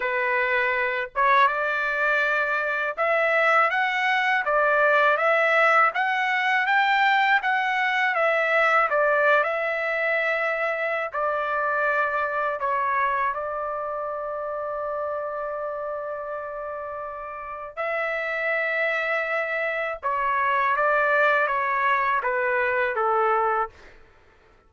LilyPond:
\new Staff \with { instrumentName = "trumpet" } { \time 4/4 \tempo 4 = 81 b'4. cis''8 d''2 | e''4 fis''4 d''4 e''4 | fis''4 g''4 fis''4 e''4 | d''8. e''2~ e''16 d''4~ |
d''4 cis''4 d''2~ | d''1 | e''2. cis''4 | d''4 cis''4 b'4 a'4 | }